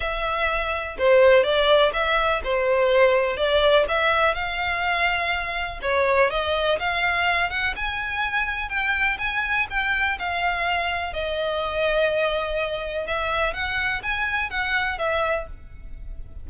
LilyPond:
\new Staff \with { instrumentName = "violin" } { \time 4/4 \tempo 4 = 124 e''2 c''4 d''4 | e''4 c''2 d''4 | e''4 f''2. | cis''4 dis''4 f''4. fis''8 |
gis''2 g''4 gis''4 | g''4 f''2 dis''4~ | dis''2. e''4 | fis''4 gis''4 fis''4 e''4 | }